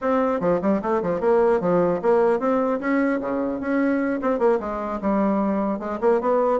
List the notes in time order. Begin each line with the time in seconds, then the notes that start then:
0.01 C4
0.40 F3
0.61 G3
0.82 A3
1.02 F3
1.20 A#3
1.60 F3
2.02 A#3
2.39 C4
2.79 C#4
3.20 C#3
3.60 C#4
4.21 C4
4.39 A#3
4.60 G#3
5.01 G3
5.79 G#3
6.01 A#3
6.21 B3